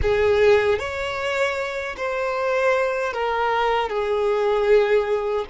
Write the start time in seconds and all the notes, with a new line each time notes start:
0.02 G#4
0.78 C#5
1.97 C5
3.13 A#4
3.89 G#4